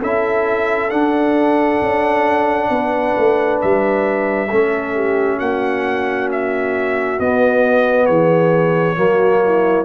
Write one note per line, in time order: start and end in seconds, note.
0.00 0.91 C#4
0.00 0.90 E4
0.00 2.69 A4
0.00 0.90 E5
0.90 4.48 D4
0.90 1.81 D4
0.90 3.59 F#5
1.81 2.69 C#4
2.69 3.14 B3
2.69 4.50 B4
3.17 3.62 A3
3.61 4.52 G3
3.61 5.39 E5
4.50 5.40 A3
4.50 7.19 C#4
4.50 4.95 A4
4.95 5.37 G4
5.37 7.19 A#3
5.37 8.05 F#4
5.37 6.29 F#5
6.32 7.20 E5
7.19 8.08 B3
7.19 8.96 B3
7.19 8.06 D#5
8.06 8.97 E3
8.06 8.96 G#4
8.06 9.85 C#5
8.96 9.85 F#3
8.96 9.85 A#3
8.96 9.42 F#4
9.44 9.85 E4